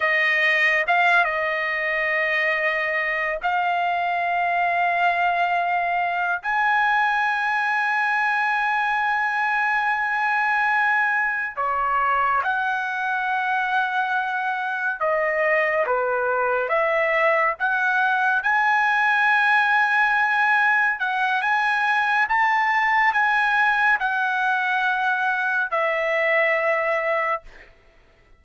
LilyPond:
\new Staff \with { instrumentName = "trumpet" } { \time 4/4 \tempo 4 = 70 dis''4 f''8 dis''2~ dis''8 | f''2.~ f''8 gis''8~ | gis''1~ | gis''4. cis''4 fis''4.~ |
fis''4. dis''4 b'4 e''8~ | e''8 fis''4 gis''2~ gis''8~ | gis''8 fis''8 gis''4 a''4 gis''4 | fis''2 e''2 | }